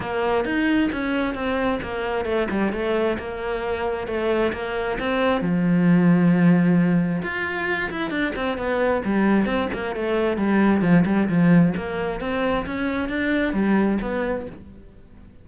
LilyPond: \new Staff \with { instrumentName = "cello" } { \time 4/4 \tempo 4 = 133 ais4 dis'4 cis'4 c'4 | ais4 a8 g8 a4 ais4~ | ais4 a4 ais4 c'4 | f1 |
f'4. e'8 d'8 c'8 b4 | g4 c'8 ais8 a4 g4 | f8 g8 f4 ais4 c'4 | cis'4 d'4 g4 b4 | }